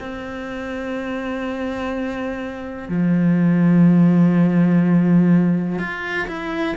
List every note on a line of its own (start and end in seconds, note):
0.00 2.89 C4
2.89 5.79 F3
5.79 6.27 F4
6.28 6.76 E4